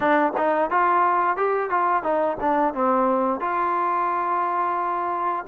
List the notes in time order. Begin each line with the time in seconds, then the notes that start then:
0.00 D4
0.37 D#4
0.70 F4
1.36 G4
1.70 F4
2.03 D#4
2.40 D4
2.74 C4
3.40 F4